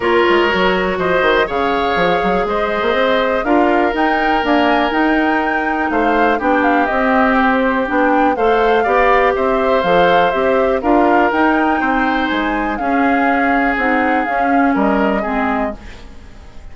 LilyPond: <<
  \new Staff \with { instrumentName = "flute" } { \time 4/4 \tempo 4 = 122 cis''2 dis''4 f''4~ | f''4 dis''2 f''4 | g''4 gis''4 g''2 | f''4 g''8 f''8 dis''4 c''4 |
g''4 f''2 e''4 | f''4 e''4 f''4 g''4~ | g''4 gis''4 f''2 | fis''4 f''4 dis''2 | }
  \new Staff \with { instrumentName = "oboe" } { \time 4/4 ais'2 c''4 cis''4~ | cis''4 c''2 ais'4~ | ais'1 | c''4 g'2.~ |
g'4 c''4 d''4 c''4~ | c''2 ais'2 | c''2 gis'2~ | gis'2 ais'4 gis'4 | }
  \new Staff \with { instrumentName = "clarinet" } { \time 4/4 f'4 fis'2 gis'4~ | gis'2. f'4 | dis'4 ais4 dis'2~ | dis'4 d'4 c'2 |
d'4 a'4 g'2 | a'4 g'4 f'4 dis'4~ | dis'2 cis'2 | dis'4 cis'2 c'4 | }
  \new Staff \with { instrumentName = "bassoon" } { \time 4/4 ais8 gis8 fis4 f8 dis8 cis4 | f8 fis8 gis8. ais16 c'4 d'4 | dis'4 d'4 dis'2 | a4 b4 c'2 |
b4 a4 b4 c'4 | f4 c'4 d'4 dis'4 | c'4 gis4 cis'2 | c'4 cis'4 g4 gis4 | }
>>